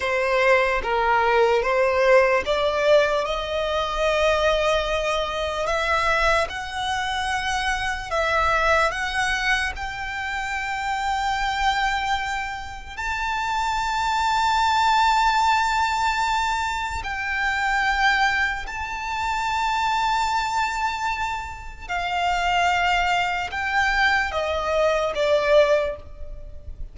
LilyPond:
\new Staff \with { instrumentName = "violin" } { \time 4/4 \tempo 4 = 74 c''4 ais'4 c''4 d''4 | dis''2. e''4 | fis''2 e''4 fis''4 | g''1 |
a''1~ | a''4 g''2 a''4~ | a''2. f''4~ | f''4 g''4 dis''4 d''4 | }